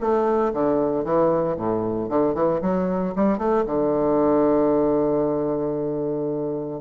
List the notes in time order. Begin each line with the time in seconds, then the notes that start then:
0.00 A3
0.53 D3
1.04 E3
1.56 A2
2.09 D3
2.34 E3
2.62 F#3
3.16 G3
3.38 A3
3.66 D3